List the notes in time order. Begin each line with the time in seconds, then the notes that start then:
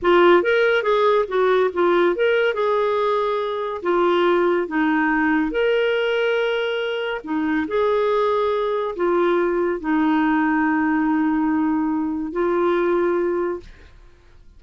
0.02 F4
0.43 A#4
0.82 G#4
1.27 F#4
1.73 F4
2.15 A#4
2.54 G#4
3.82 F4
4.67 D#4
5.51 A#4
7.24 D#4
7.67 G#4
8.96 F4
9.80 D#4
12.32 F4